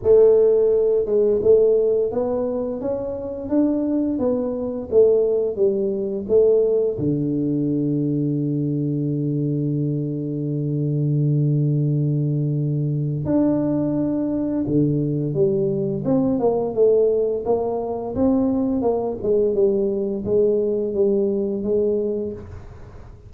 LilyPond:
\new Staff \with { instrumentName = "tuba" } { \time 4/4 \tempo 4 = 86 a4. gis8 a4 b4 | cis'4 d'4 b4 a4 | g4 a4 d2~ | d1~ |
d2. d'4~ | d'4 d4 g4 c'8 ais8 | a4 ais4 c'4 ais8 gis8 | g4 gis4 g4 gis4 | }